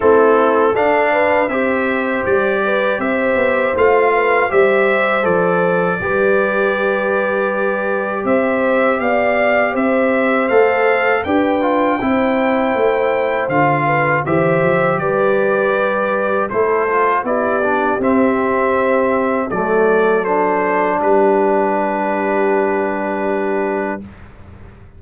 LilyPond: <<
  \new Staff \with { instrumentName = "trumpet" } { \time 4/4 \tempo 4 = 80 a'4 f''4 e''4 d''4 | e''4 f''4 e''4 d''4~ | d''2. e''4 | f''4 e''4 f''4 g''4~ |
g''2 f''4 e''4 | d''2 c''4 d''4 | e''2 d''4 c''4 | b'1 | }
  \new Staff \with { instrumentName = "horn" } { \time 4/4 e'4 a'8 b'8 c''4. b'8 | c''4. b'8 c''2 | b'2. c''4 | d''4 c''2 b'4 |
c''2~ c''8 b'8 c''4 | b'2 a'4 g'4~ | g'2 a'2 | g'1 | }
  \new Staff \with { instrumentName = "trombone" } { \time 4/4 c'4 d'4 g'2~ | g'4 f'4 g'4 a'4 | g'1~ | g'2 a'4 g'8 f'8 |
e'2 f'4 g'4~ | g'2 e'8 f'8 e'8 d'8 | c'2 a4 d'4~ | d'1 | }
  \new Staff \with { instrumentName = "tuba" } { \time 4/4 a4 d'4 c'4 g4 | c'8 b8 a4 g4 f4 | g2. c'4 | b4 c'4 a4 d'4 |
c'4 a4 d4 e8 f8 | g2 a4 b4 | c'2 fis2 | g1 | }
>>